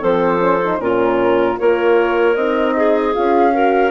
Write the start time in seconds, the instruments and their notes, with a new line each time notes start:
0.00 bassoon F3, horn C4, clarinet A4, flute C5
0.39 horn C#4
0.64 horn D#4
0.78 bassoon A#2, horn C#4, clarinet F4, flute A#4
1.57 bassoon A#3, horn F4, clarinet A#4, flute C#5
2.35 bassoon C4, horn D#4, flute D#5
2.76 clarinet G#4
3.13 bassoon C#4, horn F4, flute F5
3.53 horn F#4, clarinet A#4